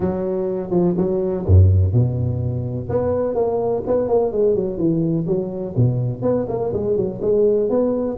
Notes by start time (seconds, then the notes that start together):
0.00 F#3
0.70 F3
0.97 F#3
1.46 F#2
1.92 B2
2.89 B3
3.34 A#3
3.86 B3
4.08 A#3
4.32 G#3
4.55 F#3
4.77 E3
5.26 F#3
5.76 B2
6.22 B3
6.48 A#3
6.73 G#3
6.96 F#3
7.21 G#3
7.69 B3